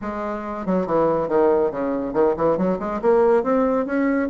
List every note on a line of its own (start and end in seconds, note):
0.01 0.65 G#3
0.66 0.86 F#3
0.86 1.28 E3
1.28 1.71 D#3
1.71 2.13 C#3
2.13 2.35 D#3
2.36 2.57 E3
2.57 2.79 F#3
2.79 3.00 G#3
3.01 3.43 A#3
3.43 3.86 C4
3.86 4.29 C#4